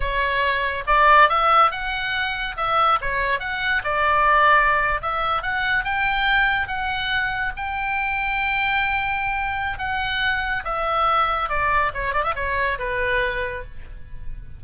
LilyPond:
\new Staff \with { instrumentName = "oboe" } { \time 4/4 \tempo 4 = 141 cis''2 d''4 e''4 | fis''2 e''4 cis''4 | fis''4 d''2~ d''8. e''16~ | e''8. fis''4 g''2 fis''16~ |
fis''4.~ fis''16 g''2~ g''16~ | g''2. fis''4~ | fis''4 e''2 d''4 | cis''8 d''16 e''16 cis''4 b'2 | }